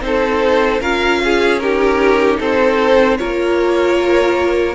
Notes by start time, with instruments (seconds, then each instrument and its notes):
0.00 cello C4, viola D#4, violin A4 C5
0.81 cello C#4, viola F4, violin A#4 F5
1.24 violin G#4
1.59 viola D#4, violin G4 A#4
2.39 cello C4, violin A4 C5
3.18 cello A#3, viola F4, violin A#4 C#5